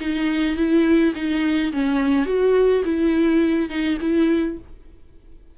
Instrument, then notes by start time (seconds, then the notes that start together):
viola
0.00 D#4
0.56 E4
1.15 D#4
1.72 C#4
2.26 F#4
2.85 E4
3.69 D#4
4.01 E4